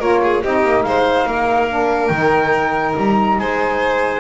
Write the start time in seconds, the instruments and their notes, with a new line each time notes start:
0.00 double bass A#3, saxophone F4, violin A#4, flute C#5
0.23 violin G#4
0.44 double bass C4, saxophone D#4, violin G4, flute D#5
0.64 double bass A#3
0.83 double bass G#3, violin C5, flute F5
1.26 double bass A#3, violin A#4
1.70 saxophone D4
2.08 double bass D#3, saxophone D#4, flute G5
2.97 double bass G3, flute A#5
3.39 double bass G#3, violin C5, flute G#5